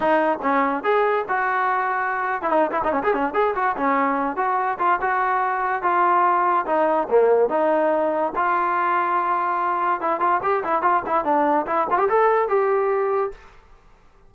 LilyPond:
\new Staff \with { instrumentName = "trombone" } { \time 4/4 \tempo 4 = 144 dis'4 cis'4 gis'4 fis'4~ | fis'4.~ fis'16 e'16 dis'8 e'16 dis'16 cis'16 gis'16 cis'8 | gis'8 fis'8 cis'4. fis'4 f'8 | fis'2 f'2 |
dis'4 ais4 dis'2 | f'1 | e'8 f'8 g'8 e'8 f'8 e'8 d'4 | e'8 f'16 g'16 a'4 g'2 | }